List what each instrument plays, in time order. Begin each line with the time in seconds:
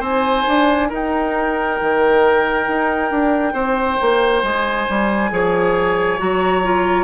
0.00 bassoon C4, clarinet D#4, oboe C5, flute G#5
0.48 bassoon D4
0.89 bassoon D#4, oboe A#4, flute G5
1.82 bassoon D#3
2.68 bassoon D#4
3.11 bassoon D4
3.53 bassoon C4, oboe C5
4.01 bassoon A#3
4.42 bassoon G#3, flute G#5
4.89 bassoon G3
5.31 bassoon F3, clarinet G#4, oboe C#5
6.18 bassoon F#3, clarinet F#4, flute A#5
6.63 clarinet F4